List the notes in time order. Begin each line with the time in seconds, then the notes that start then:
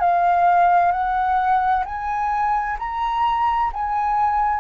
0.00 F5
0.91 F#5
1.85 G#5
2.79 A#5
3.73 G#5